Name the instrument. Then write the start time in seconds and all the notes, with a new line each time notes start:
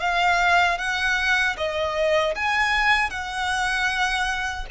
violin
0.00 F5
0.78 F#5
1.57 D#5
2.35 G#5
3.10 F#5